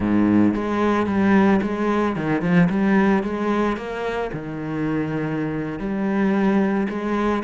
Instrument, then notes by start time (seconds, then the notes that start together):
cello
0.00 G#2
0.54 G#3
1.06 G3
1.62 G#3
2.15 D#3
2.41 F3
2.69 G3
3.23 G#3
3.76 A#3
4.32 D#3
5.79 G3
6.89 G#3